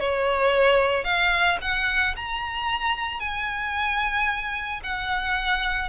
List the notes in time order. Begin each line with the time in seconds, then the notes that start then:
0.00 C#5
1.04 F5
1.62 F#5
2.16 A#5
3.20 G#5
4.84 F#5